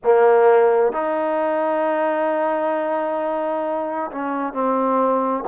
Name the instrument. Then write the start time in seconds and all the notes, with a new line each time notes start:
trombone
0.03 A#3
0.92 D#4
4.11 C#4
4.52 C4